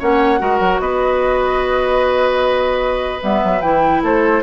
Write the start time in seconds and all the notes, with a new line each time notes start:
0.00 A#3 C#4 C#5 F#5
0.39 G#3 F#4 A#4
0.60 F#3
0.80 B3 B4 D#5
3.22 G3 B3 E5
3.44 F#3
3.62 E3 E4 G5
4.03 A3 A4 C5